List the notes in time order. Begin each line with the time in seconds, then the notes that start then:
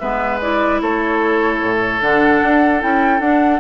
0.00 G#3 B3 B4 E5
0.42 E4 D5
0.81 A3 A4 C#5
1.63 A2
2.02 D3 D4 F#5
2.43 D4
2.80 C#4 E4 G5
3.20 D4 F#5